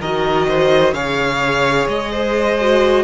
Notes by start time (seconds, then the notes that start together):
0.00 D#3 F#4 A#4 D#5
0.48 C5
0.93 C#3 G#4 C#5 F5
1.87 G#3 D#5
2.12 C5
2.61 F#4